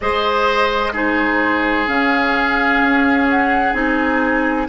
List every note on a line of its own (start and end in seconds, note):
0.00 1.88 G#3
0.00 0.93 G#4
0.00 0.93 C5
0.00 0.94 D#5
0.93 1.87 D#4
0.93 4.68 G#4
0.93 1.87 C5
1.87 2.81 C#3
1.87 3.73 C#4
1.87 3.28 F5
2.81 3.73 C#4
3.29 3.73 F#5
3.73 4.66 C4
3.73 4.67 D#4
3.73 4.67 G#5